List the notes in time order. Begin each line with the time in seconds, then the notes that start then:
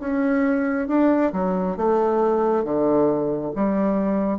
0.00 C#4
0.88 D4
1.32 F#3
1.76 A3
2.64 D3
3.55 G3